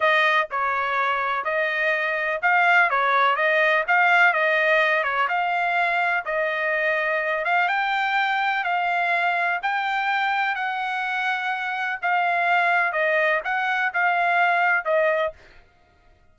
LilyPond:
\new Staff \with { instrumentName = "trumpet" } { \time 4/4 \tempo 4 = 125 dis''4 cis''2 dis''4~ | dis''4 f''4 cis''4 dis''4 | f''4 dis''4. cis''8 f''4~ | f''4 dis''2~ dis''8 f''8 |
g''2 f''2 | g''2 fis''2~ | fis''4 f''2 dis''4 | fis''4 f''2 dis''4 | }